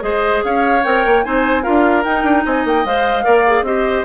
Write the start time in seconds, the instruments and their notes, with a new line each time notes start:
0.00 bassoon G#3, clarinet G#4, oboe C5, flute D#5
0.44 bassoon C#4, oboe C#5, flute F5
0.84 bassoon C4, clarinet A#4, flute G5
1.06 bassoon A#3
1.24 bassoon C4, clarinet D#4, oboe C5, flute G#5
1.63 bassoon D4, clarinet F4, oboe A#4, flute F5
2.04 clarinet D#4, bassoon D#4, flute G5
2.23 bassoon D4
2.46 bassoon C4, oboe D#5, flute G#5
2.65 bassoon A#3, flute G5
2.85 bassoon G#3, clarinet C5, flute F5
3.24 bassoon A#3, clarinet A#4, oboe D5
3.47 clarinet G#4
3.62 bassoon C4, clarinet G4, oboe C5, flute D#5